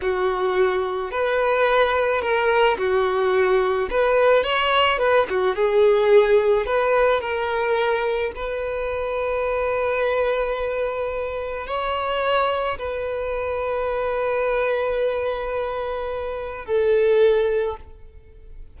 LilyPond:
\new Staff \with { instrumentName = "violin" } { \time 4/4 \tempo 4 = 108 fis'2 b'2 | ais'4 fis'2 b'4 | cis''4 b'8 fis'8 gis'2 | b'4 ais'2 b'4~ |
b'1~ | b'4 cis''2 b'4~ | b'1~ | b'2 a'2 | }